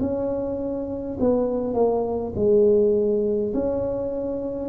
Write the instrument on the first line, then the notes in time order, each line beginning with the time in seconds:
tuba
0.00 C#4
1.20 B3
1.74 A#3
2.35 G#3
3.53 C#4